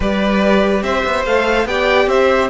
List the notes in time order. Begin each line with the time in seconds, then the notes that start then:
0.00 G3 G4 B4 D5
0.82 C4 C5 E5
1.05 B3
1.25 A3 A4 F5
1.65 B3 G4 D5 G5
2.06 C4 C5 E5